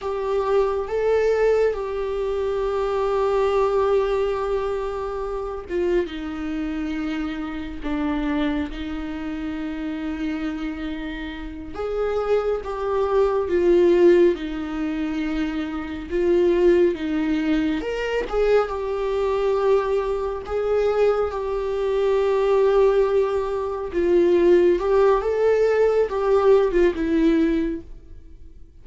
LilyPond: \new Staff \with { instrumentName = "viola" } { \time 4/4 \tempo 4 = 69 g'4 a'4 g'2~ | g'2~ g'8 f'8 dis'4~ | dis'4 d'4 dis'2~ | dis'4. gis'4 g'4 f'8~ |
f'8 dis'2 f'4 dis'8~ | dis'8 ais'8 gis'8 g'2 gis'8~ | gis'8 g'2. f'8~ | f'8 g'8 a'4 g'8. f'16 e'4 | }